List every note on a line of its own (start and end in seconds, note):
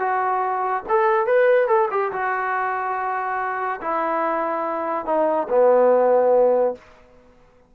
0.00 0.84 F#4
0.89 1.27 A4
1.27 1.68 B4
1.68 1.89 A4
1.91 2.12 G4
2.13 3.81 F#4
3.81 5.06 E4
5.06 5.48 D#4
5.49 6.75 B3